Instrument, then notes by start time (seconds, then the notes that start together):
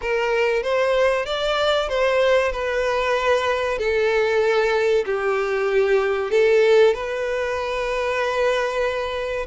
violin
0.01 A#4
0.63 C5
1.25 D5
1.88 C5
2.51 B4
3.78 A4
5.05 G4
6.30 A4
6.94 B4